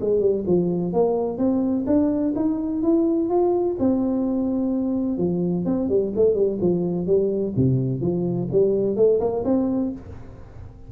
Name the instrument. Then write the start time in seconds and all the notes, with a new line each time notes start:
tuba
0.00 G#3
0.20 G3
0.46 F3
0.93 A#3
1.37 C4
1.86 D4
2.36 D#4
2.82 E4
3.29 F4
3.79 C4
5.18 F3
5.65 C4
5.89 G3
6.15 A3
6.34 G3
6.61 F3
7.06 G3
7.56 C3
8.01 F3
8.51 G3
8.96 A3
9.20 A#3
9.44 C4